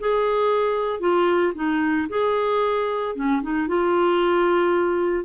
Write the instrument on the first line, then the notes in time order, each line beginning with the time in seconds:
clarinet
0.00 G#4
1.00 F4
1.55 D#4
2.09 G#4
3.16 C#4
3.42 D#4
3.68 F4